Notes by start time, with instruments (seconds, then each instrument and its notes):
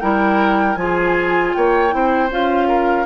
0.00 bassoon G3, clarinet E4, oboe A#4, flute G5
0.76 bassoon F3, clarinet F4, flute G#5
0.82 oboe G#4
1.54 bassoon A#3, oboe C#5, flute G5
1.90 bassoon C4, clarinet E4, oboe C5
2.31 bassoon C#4, clarinet F4, flute F5
2.68 oboe A#4